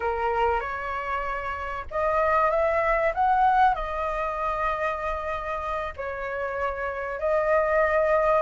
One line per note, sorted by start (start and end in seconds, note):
0.00 0.60 A#4
0.60 1.85 C#5
1.90 2.50 D#5
2.50 3.12 E5
3.14 3.74 F#5
3.74 5.93 D#5
5.96 7.19 C#5
7.19 8.42 D#5